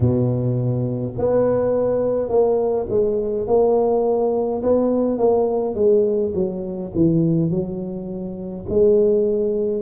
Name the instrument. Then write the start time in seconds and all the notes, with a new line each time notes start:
tuba
0.00 B2
1.17 B3
2.28 A#3
2.89 G#3
3.47 A#3
4.62 B3
5.18 A#3
5.74 G#3
6.34 F#3
6.94 E3
7.50 F#3
8.69 G#3